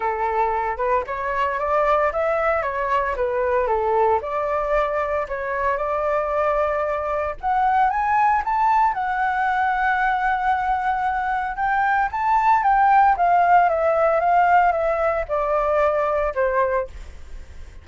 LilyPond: \new Staff \with { instrumentName = "flute" } { \time 4/4 \tempo 4 = 114 a'4. b'8 cis''4 d''4 | e''4 cis''4 b'4 a'4 | d''2 cis''4 d''4~ | d''2 fis''4 gis''4 |
a''4 fis''2.~ | fis''2 g''4 a''4 | g''4 f''4 e''4 f''4 | e''4 d''2 c''4 | }